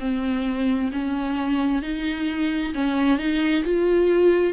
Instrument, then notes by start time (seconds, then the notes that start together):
viola
0.00 C4
0.92 C#4
1.82 D#4
2.74 C#4
3.19 D#4
3.64 F4